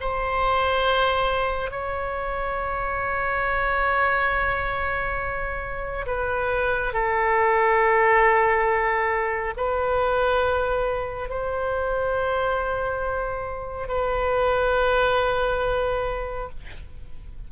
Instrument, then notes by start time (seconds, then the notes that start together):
oboe
0.00 C5
1.70 C#5
6.06 B4
6.93 A4
9.56 B4
11.29 C5
13.88 B4